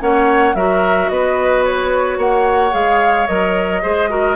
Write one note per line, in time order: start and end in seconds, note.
0.00 0.54 A#3
0.00 0.55 C#4
0.00 0.55 C#5
0.00 0.55 F#5
0.54 1.09 F#3
0.54 2.71 F#4
0.54 1.10 A#4
0.54 1.08 E5
1.08 2.17 B3
1.08 2.17 B4
1.08 1.63 D#5
1.64 2.19 C#5
2.17 2.72 A#3
2.17 3.81 C#5
2.17 2.73 F#5
2.71 3.28 G#3
2.71 3.25 G#4
2.71 3.26 F5
3.26 3.83 F#3
3.26 3.82 A#4
3.26 4.35 D#5
3.82 4.35 G#3
3.82 4.09 G#4
3.82 4.09 C5
4.09 4.35 F#4
4.09 4.35 A#4